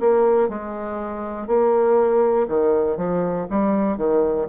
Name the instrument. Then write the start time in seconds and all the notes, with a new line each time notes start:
bassoon
0.00 A#3
0.49 G#3
1.47 A#3
2.48 D#3
2.96 F3
3.50 G3
3.97 D#3